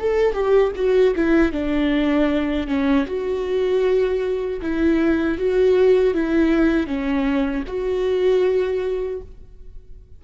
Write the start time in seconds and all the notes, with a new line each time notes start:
0.00 A4
0.34 G4
0.76 F#4
1.16 E4
1.52 D4
2.67 C#4
3.07 F#4
4.62 E4
5.38 F#4
6.15 E4
6.87 C#4
7.68 F#4